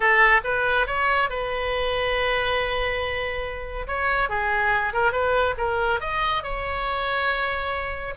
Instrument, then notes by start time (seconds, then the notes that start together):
oboe
0.00 A4
0.44 B4
0.86 C#5
1.29 B4
3.87 C#5
4.29 G#4
4.93 A#4
5.12 B4
5.57 A#4
6.00 D#5
6.43 C#5